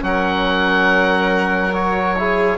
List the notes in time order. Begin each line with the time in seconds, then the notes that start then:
0.00 F#3 C#4 A#4 F#5
1.72 F#4 C#5
2.17 E4 G#4